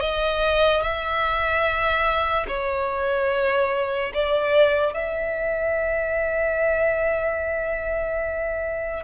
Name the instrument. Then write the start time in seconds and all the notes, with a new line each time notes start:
violin
0.00 D#5
0.81 E5
2.48 C#5
4.14 D5
4.94 E5